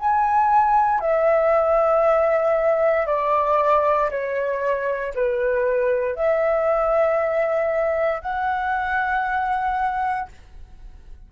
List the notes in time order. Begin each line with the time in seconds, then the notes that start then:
0.00 G#5
1.01 E5
3.07 D5
4.11 C#5
5.15 B4
6.16 E5
8.22 F#5